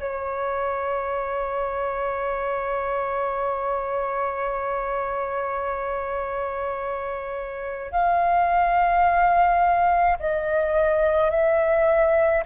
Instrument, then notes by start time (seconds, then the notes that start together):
flute
0.00 C#5
7.91 F5
10.19 D#5
11.30 E5